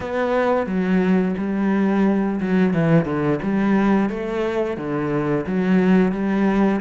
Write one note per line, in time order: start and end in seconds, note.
0.00 0.66 B3
0.66 1.34 F#3
1.37 2.40 G3
2.40 2.73 F#3
2.73 3.05 E3
3.05 3.39 D3
3.42 4.09 G3
4.09 4.77 A3
4.77 5.45 D3
5.46 6.12 F#3
6.12 6.80 G3